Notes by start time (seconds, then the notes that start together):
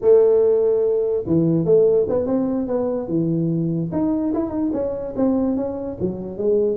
0.01 A3
1.26 E3
1.65 A3
2.08 B3
2.26 C4
2.67 B3
3.08 E3
3.92 D#4
4.34 E4
4.49 D#4
4.72 C#4
5.16 C4
5.56 C#4
6.00 F#3
6.37 G#3